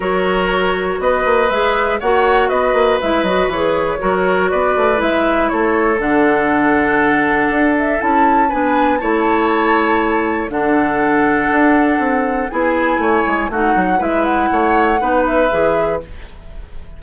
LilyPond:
<<
  \new Staff \with { instrumentName = "flute" } { \time 4/4 \tempo 4 = 120 cis''2 dis''4 e''4 | fis''4 dis''4 e''8 dis''8 cis''4~ | cis''4 d''4 e''4 cis''4 | fis''2.~ fis''8 e''8 |
a''4 gis''4 a''2~ | a''4 fis''2.~ | fis''4 gis''2 fis''4 | e''8 fis''2 e''4. | }
  \new Staff \with { instrumentName = "oboe" } { \time 4/4 ais'2 b'2 | cis''4 b'2. | ais'4 b'2 a'4~ | a'1~ |
a'4 b'4 cis''2~ | cis''4 a'2.~ | a'4 gis'4 cis''4 fis'4 | b'4 cis''4 b'2 | }
  \new Staff \with { instrumentName = "clarinet" } { \time 4/4 fis'2. gis'4 | fis'2 e'8 fis'8 gis'4 | fis'2 e'2 | d'1 |
e'4 d'4 e'2~ | e'4 d'2.~ | d'4 e'2 dis'4 | e'2 dis'4 gis'4 | }
  \new Staff \with { instrumentName = "bassoon" } { \time 4/4 fis2 b8 ais8 gis4 | ais4 b8 ais8 gis8 fis8 e4 | fis4 b8 a8 gis4 a4 | d2. d'4 |
cis'4 b4 a2~ | a4 d2 d'4 | c'4 b4 a8 gis8 a8 fis8 | gis4 a4 b4 e4 | }
>>